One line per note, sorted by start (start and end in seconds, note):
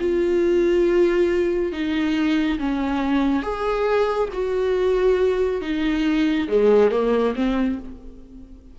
0.00 1.73 F4
1.73 2.59 D#4
2.59 3.43 C#4
3.43 4.29 G#4
4.33 5.62 F#4
5.62 6.48 D#4
6.49 6.91 G#3
6.91 7.35 A#3
7.36 7.79 C4